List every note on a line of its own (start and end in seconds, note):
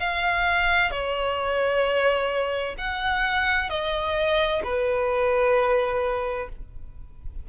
0.00 0.91 F5
0.91 2.76 C#5
2.78 3.70 F#5
3.70 4.62 D#5
4.64 6.49 B4